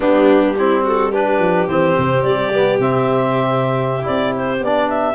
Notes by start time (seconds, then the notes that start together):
0.00 G3 B3 D4 G4
0.57 C4 E4
0.83 F#4 A4
1.11 D4 G4 B4
1.38 F3
1.67 E3 C4 C5
1.97 C3
2.22 G3 D5
2.52 B3
2.78 C3 C4 E5
4.02 C4 E4 D5
4.35 C5
4.60 B3 D4 D5
4.89 E5